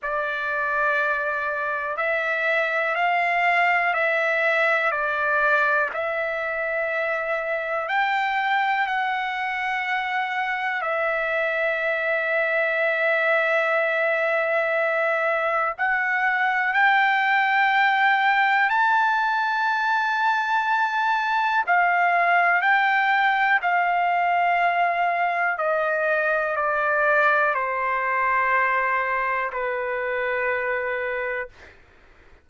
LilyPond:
\new Staff \with { instrumentName = "trumpet" } { \time 4/4 \tempo 4 = 61 d''2 e''4 f''4 | e''4 d''4 e''2 | g''4 fis''2 e''4~ | e''1 |
fis''4 g''2 a''4~ | a''2 f''4 g''4 | f''2 dis''4 d''4 | c''2 b'2 | }